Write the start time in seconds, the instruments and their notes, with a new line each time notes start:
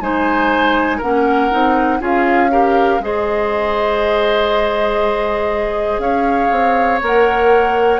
0.00 bassoon G#3, clarinet D#4, oboe C5, flute G#5
0.97 bassoon A#3, clarinet C#4, oboe A#4, flute F#5
1.51 bassoon C4, clarinet D#4
2.00 bassoon C#4, clarinet F4, oboe G#4, flute F5
2.50 clarinet G4, oboe A#4
2.99 bassoon G#3, clarinet G#4, oboe C5, flute D#5
5.98 bassoon C#4, oboe C#5, flute F5
6.51 bassoon C4
7.01 bassoon A#3, clarinet A#4, flute F#5